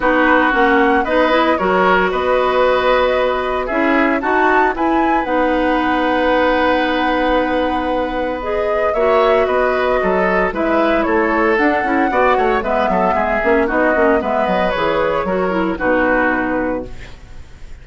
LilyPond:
<<
  \new Staff \with { instrumentName = "flute" } { \time 4/4 \tempo 4 = 114 b'4 fis''4 dis''4 cis''4 | dis''2. e''4 | a''4 gis''4 fis''2~ | fis''1 |
dis''4 e''4 dis''2 | e''4 cis''4 fis''2 | e''2 dis''4 e''8 dis''8 | cis''2 b'2 | }
  \new Staff \with { instrumentName = "oboe" } { \time 4/4 fis'2 b'4 ais'4 | b'2. gis'4 | fis'4 b'2.~ | b'1~ |
b'4 cis''4 b'4 a'4 | b'4 a'2 d''8 cis''8 | b'8 a'8 gis'4 fis'4 b'4~ | b'4 ais'4 fis'2 | }
  \new Staff \with { instrumentName = "clarinet" } { \time 4/4 dis'4 cis'4 dis'8 e'8 fis'4~ | fis'2. e'4 | fis'4 e'4 dis'2~ | dis'1 |
gis'4 fis'2. | e'2 d'8 e'8 fis'4 | b4. cis'8 dis'8 cis'8 b4 | gis'4 fis'8 e'8 dis'2 | }
  \new Staff \with { instrumentName = "bassoon" } { \time 4/4 b4 ais4 b4 fis4 | b2. cis'4 | dis'4 e'4 b2~ | b1~ |
b4 ais4 b4 fis4 | gis4 a4 d'8 cis'8 b8 a8 | gis8 fis8 gis8 ais8 b8 ais8 gis8 fis8 | e4 fis4 b,2 | }
>>